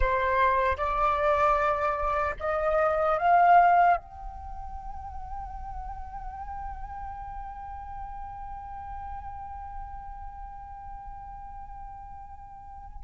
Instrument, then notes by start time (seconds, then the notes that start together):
flute
0.00 C5
0.77 D5
2.39 D#5
3.18 F5
3.97 G5